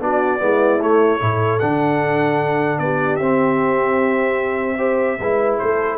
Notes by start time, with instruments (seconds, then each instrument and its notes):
0.00 tuba B3, trombone D4, horn F#4, trumpet D5
0.40 tuba G#3, trombone B3, horn E4
0.82 trombone A3, tuba A3, trumpet C#5
1.20 tuba A2, trombone E4, horn A4
1.60 tuba D3, trombone D4, trumpet F#5
2.79 tuba B3, horn G4, trumpet D5
3.16 tuba C4, trombone C4, trumpet E5
4.78 trombone G4, horn C5
5.20 tuba G#3, trombone E4, horn B4
5.59 tuba A3, horn A4, trumpet C5